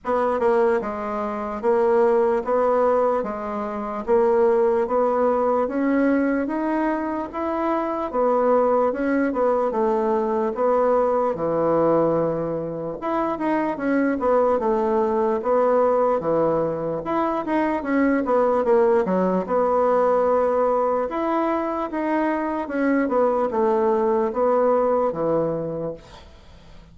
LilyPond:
\new Staff \with { instrumentName = "bassoon" } { \time 4/4 \tempo 4 = 74 b8 ais8 gis4 ais4 b4 | gis4 ais4 b4 cis'4 | dis'4 e'4 b4 cis'8 b8 | a4 b4 e2 |
e'8 dis'8 cis'8 b8 a4 b4 | e4 e'8 dis'8 cis'8 b8 ais8 fis8 | b2 e'4 dis'4 | cis'8 b8 a4 b4 e4 | }